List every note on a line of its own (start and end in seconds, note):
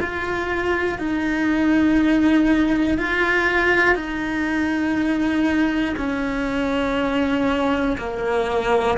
0.00 0.98 F4
0.98 2.98 D#4
2.98 3.95 F4
3.95 5.95 D#4
5.97 7.97 C#4
7.97 8.97 A#3